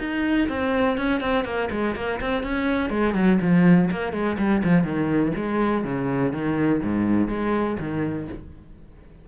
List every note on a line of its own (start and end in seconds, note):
0.00 0.49 D#4
0.49 0.98 C4
0.98 1.21 C#4
1.21 1.45 C4
1.45 1.70 A#3
1.71 1.96 G#3
1.96 2.20 A#3
2.21 2.43 C4
2.43 2.90 C#4
2.90 3.14 G#3
3.15 3.39 F#3
3.42 3.91 F3
3.92 4.13 A#3
4.13 4.37 G#3
4.39 4.63 G3
4.64 4.84 F3
4.84 5.33 D#3
5.37 5.85 G#3
5.85 6.33 C#3
6.33 6.82 D#3
6.83 7.29 G#2
7.29 7.78 G#3
7.80 8.29 D#3